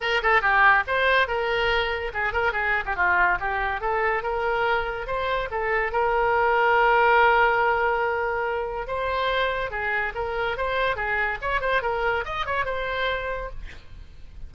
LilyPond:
\new Staff \with { instrumentName = "oboe" } { \time 4/4 \tempo 4 = 142 ais'8 a'8 g'4 c''4 ais'4~ | ais'4 gis'8 ais'8 gis'8. g'16 f'4 | g'4 a'4 ais'2 | c''4 a'4 ais'2~ |
ais'1~ | ais'4 c''2 gis'4 | ais'4 c''4 gis'4 cis''8 c''8 | ais'4 dis''8 cis''8 c''2 | }